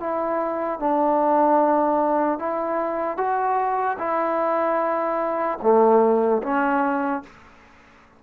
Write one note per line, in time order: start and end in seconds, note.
0.00 0.80 E4
0.80 2.39 D4
2.39 3.17 E4
3.17 3.97 F#4
3.99 5.58 E4
5.62 6.42 A3
6.43 7.23 C#4